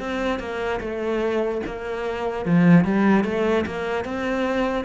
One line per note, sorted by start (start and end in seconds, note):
0.00 0.40 C4
0.40 0.80 A#3
0.81 1.62 A3
1.67 2.46 A#3
2.46 2.85 F3
2.85 3.25 G3
3.25 3.65 A3
3.66 4.05 A#3
4.05 4.85 C4